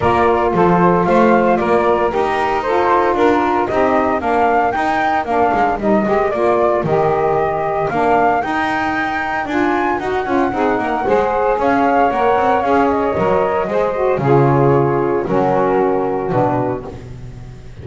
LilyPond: <<
  \new Staff \with { instrumentName = "flute" } { \time 4/4 \tempo 4 = 114 d''4 c''4 f''4 d''4 | ais'4 c''4 ais'4 dis''4 | f''4 g''4 f''4 dis''4 | d''4 dis''2 f''4 |
g''2 gis''4 fis''4~ | fis''2 f''4 fis''4 | f''8 dis''2~ dis''8 cis''4~ | cis''4 ais'2 b'4 | }
  \new Staff \with { instrumentName = "saxophone" } { \time 4/4 ais'4 a'4 c''4 ais'4~ | ais'4 a'4 ais'4 g'4 | ais'1~ | ais'1~ |
ais'1 | gis'8 ais'8 c''4 cis''2~ | cis''2 c''4 gis'4~ | gis'4 fis'2. | }
  \new Staff \with { instrumentName = "saxophone" } { \time 4/4 f'1 | g'4 f'2 dis'4 | d'4 dis'4 d'4 dis'8 g'8 | f'4 g'2 d'4 |
dis'2 f'4 fis'8 f'8 | dis'4 gis'2 ais'4 | gis'4 ais'4 gis'8 fis'8 f'4~ | f'4 cis'2 d'4 | }
  \new Staff \with { instrumentName = "double bass" } { \time 4/4 ais4 f4 a4 ais4 | dis'2 d'4 c'4 | ais4 dis'4 ais8 gis8 g8 gis8 | ais4 dis2 ais4 |
dis'2 d'4 dis'8 cis'8 | c'8 ais8 gis4 cis'4 ais8 c'8 | cis'4 fis4 gis4 cis4~ | cis4 fis2 b,4 | }
>>